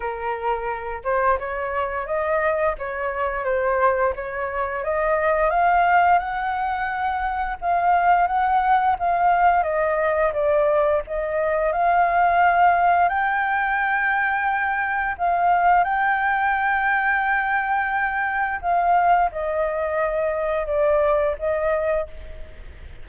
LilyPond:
\new Staff \with { instrumentName = "flute" } { \time 4/4 \tempo 4 = 87 ais'4. c''8 cis''4 dis''4 | cis''4 c''4 cis''4 dis''4 | f''4 fis''2 f''4 | fis''4 f''4 dis''4 d''4 |
dis''4 f''2 g''4~ | g''2 f''4 g''4~ | g''2. f''4 | dis''2 d''4 dis''4 | }